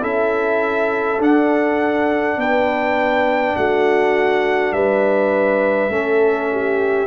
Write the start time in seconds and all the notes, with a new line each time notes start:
0.00 C#4 E4 A4 E5
1.19 D4 F#5
2.37 B3 B4 G5
3.56 A3 F#4 F#5
4.72 G3 B4 E5
5.88 A3 C#4 A4
6.52 G4